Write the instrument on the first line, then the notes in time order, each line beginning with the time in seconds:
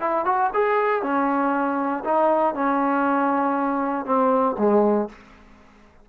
trombone
0.00 E4
0.25 F#4
0.53 G#4
1.02 C#4
2.04 D#4
2.54 C#4
4.06 C4
4.58 G#3